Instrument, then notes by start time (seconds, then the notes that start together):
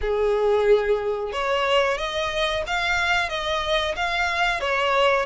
violin
0.01 G#4
1.32 C#5
1.98 D#5
2.66 F5
3.29 D#5
3.96 F5
4.60 C#5